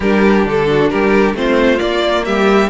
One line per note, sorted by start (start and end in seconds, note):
0.00 0.45 G3
0.00 1.36 D4
0.00 0.66 G4
0.00 0.45 A#4
0.45 0.90 D3
0.45 0.89 A4
0.69 0.91 F#4
0.89 1.34 G3
0.89 1.36 G4
0.89 1.34 A#4
1.34 1.79 A3
1.34 1.77 C4
1.34 2.25 F4
1.34 1.79 C5
1.77 2.68 A#3
1.77 2.26 A#3
1.77 2.24 D5
2.25 2.69 G3
2.25 2.69 G4
2.25 2.69 E5